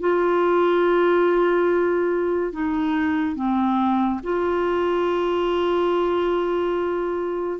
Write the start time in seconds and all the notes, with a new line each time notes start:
0.00 F4
2.52 D#4
3.36 C4
4.23 F4